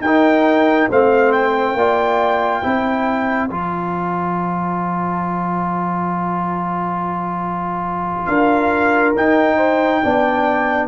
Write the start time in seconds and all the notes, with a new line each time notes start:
0.00 D#4 A#4 G5
0.89 A3 C4 C5 F5
1.32 G5
1.74 A#3 F4 D5
2.63 C4 E4 C5
3.49 F3 F4 A5
8.26 D4 A#4 F5
9.16 D#4 G5
9.57 C5
10.03 B3 D4 D5